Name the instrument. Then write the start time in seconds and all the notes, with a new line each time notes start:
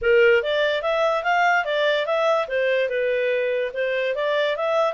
clarinet
0.01 A#4
0.42 D5
0.82 E5
1.23 F5
1.64 D5
2.06 E5
2.48 C5
2.89 B4
3.73 C5
4.15 D5
4.56 E5